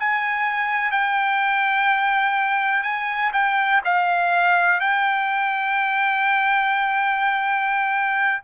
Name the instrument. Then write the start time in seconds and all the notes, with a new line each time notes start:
trumpet
0.00 G#5
0.92 G5
2.84 G#5
3.33 G5
3.85 F5
4.80 G5